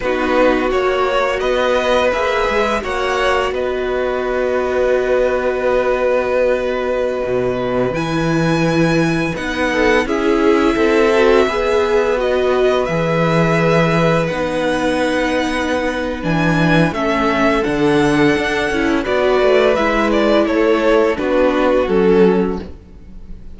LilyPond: <<
  \new Staff \with { instrumentName = "violin" } { \time 4/4 \tempo 4 = 85 b'4 cis''4 dis''4 e''4 | fis''4 dis''2.~ | dis''2.~ dis''16 gis''8.~ | gis''4~ gis''16 fis''4 e''4.~ e''16~ |
e''4~ e''16 dis''4 e''4.~ e''16~ | e''16 fis''2~ fis''8. gis''4 | e''4 fis''2 d''4 | e''8 d''8 cis''4 b'4 a'4 | }
  \new Staff \with { instrumentName = "violin" } { \time 4/4 fis'2 b'2 | cis''4 b'2.~ | b'1~ | b'4.~ b'16 a'8 gis'4 a'8.~ |
a'16 b'2.~ b'8.~ | b'1 | a'2. b'4~ | b'4 a'4 fis'2 | }
  \new Staff \with { instrumentName = "viola" } { \time 4/4 dis'4 fis'2 gis'4 | fis'1~ | fis'2.~ fis'16 e'8.~ | e'4~ e'16 dis'4 e'4. fis'16~ |
fis'16 gis'4 fis'4 gis'4.~ gis'16~ | gis'16 dis'2~ dis'8. d'4 | cis'4 d'4. e'8 fis'4 | e'2 d'4 cis'4 | }
  \new Staff \with { instrumentName = "cello" } { \time 4/4 b4 ais4 b4 ais8 gis8 | ais4 b2.~ | b2~ b16 b,4 e8.~ | e4~ e16 b4 cis'4 c'8.~ |
c'16 b2 e4.~ e16~ | e16 b2~ b8. e4 | a4 d4 d'8 cis'8 b8 a8 | gis4 a4 b4 fis4 | }
>>